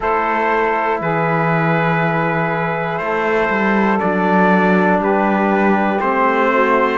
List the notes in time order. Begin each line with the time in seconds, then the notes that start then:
0.00 A3 E4 A4 C5
1.00 E3 G#4 B4
2.98 A3 A4 C5
3.49 G3
3.99 F#3 D4 D5
4.98 G3 G4 B4
6.00 A3 C4 C5
6.50 F#4